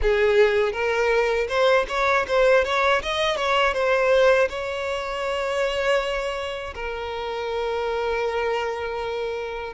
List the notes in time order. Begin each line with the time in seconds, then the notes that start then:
0.02 G#4
0.72 A#4
1.48 C5
1.88 C#5
2.27 C5
2.64 C#5
3.02 D#5
3.36 C#5
3.73 C5
4.49 C#5
6.74 A#4